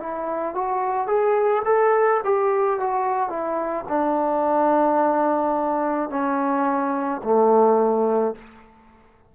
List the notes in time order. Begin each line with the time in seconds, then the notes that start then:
0.00 E4
0.55 F#4
1.08 G#4
1.65 A4
2.25 G4
2.80 F#4
3.30 E4
3.89 D4
6.10 C#4
7.24 A3